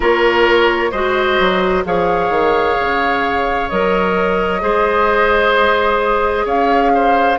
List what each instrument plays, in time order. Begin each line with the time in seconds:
0.00 bassoon A#3, clarinet F4, oboe A#4, flute C#5
0.91 bassoon G#3, clarinet F#4, oboe C5, flute D#5
1.39 bassoon F#3
1.84 bassoon F3, clarinet G#4, oboe C#5, flute F5
2.29 bassoon D#3
2.80 bassoon C#3
3.69 bassoon F#3, clarinet A#4, flute D#5
4.60 bassoon G#3, clarinet G#4, oboe C5
6.45 bassoon C#4, oboe C#5, flute F5
6.94 oboe C5